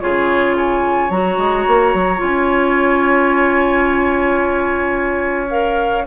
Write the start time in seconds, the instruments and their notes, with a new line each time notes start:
0.00 bassoon C#3, clarinet F4, oboe G#4, flute C#5
0.56 oboe C#5, flute G#5
1.09 bassoon F#3, clarinet F#4, flute A#5
1.37 bassoon G#3
1.67 bassoon A#3
1.94 bassoon F#3
2.16 bassoon C#4, clarinet F4
2.23 flute G#5
5.49 clarinet A#4, flute F5